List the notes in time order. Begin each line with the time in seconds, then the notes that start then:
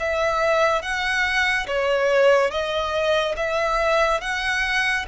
0.00 E5
0.82 F#5
1.67 C#5
2.51 D#5
3.36 E5
4.21 F#5